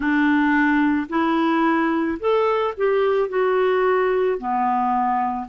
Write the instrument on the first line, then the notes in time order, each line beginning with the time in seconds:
clarinet
0.00 D4
1.09 E4
2.19 A4
2.77 G4
3.28 F#4
4.38 B3